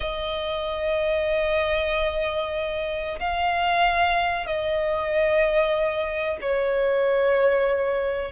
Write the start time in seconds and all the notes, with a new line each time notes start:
0.00 D#5
3.19 F5
4.46 D#5
6.41 C#5